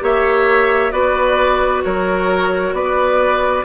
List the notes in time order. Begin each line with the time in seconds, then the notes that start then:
0.00 A#3 G4 C#5 E5
0.91 B3 F#4 B4 D5
1.84 F#3 A#4 C#5
2.73 B3 B4 D5